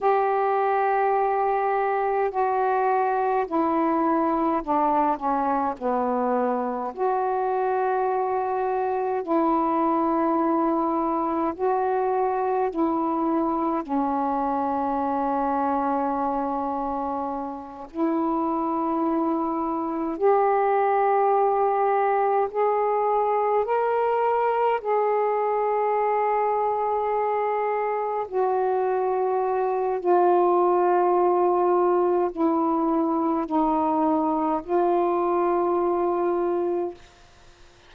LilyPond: \new Staff \with { instrumentName = "saxophone" } { \time 4/4 \tempo 4 = 52 g'2 fis'4 e'4 | d'8 cis'8 b4 fis'2 | e'2 fis'4 e'4 | cis'2.~ cis'8 e'8~ |
e'4. g'2 gis'8~ | gis'8 ais'4 gis'2~ gis'8~ | gis'8 fis'4. f'2 | e'4 dis'4 f'2 | }